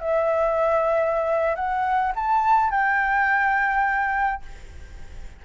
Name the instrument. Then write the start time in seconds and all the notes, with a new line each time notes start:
flute
0.00 E5
1.55 F#5
2.15 A5
2.71 G5